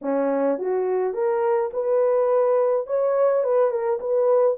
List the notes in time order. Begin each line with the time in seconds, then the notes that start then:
0.01 C#4
0.58 F#4
1.13 A#4
1.73 B4
2.86 C#5
3.43 B4
3.70 A#4
3.99 B4